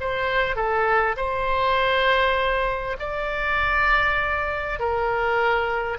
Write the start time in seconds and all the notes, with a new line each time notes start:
0.00 C5
0.56 A4
1.16 C5
2.99 D5
4.79 A#4